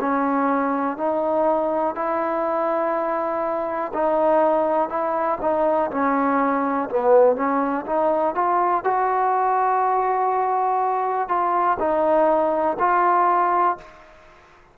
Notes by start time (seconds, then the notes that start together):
0.00 C#4
0.97 D#4
1.95 E4
3.93 D#4
4.89 E4
5.41 D#4
5.91 C#4
6.89 B3
7.36 C#4
7.86 D#4
8.35 F4
8.84 F#4
11.28 F4
11.79 D#4
12.79 F4